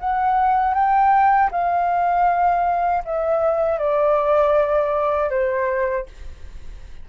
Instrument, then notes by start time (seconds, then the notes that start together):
flute
0.00 F#5
0.75 G5
1.52 F5
3.06 E5
3.79 D5
5.30 C5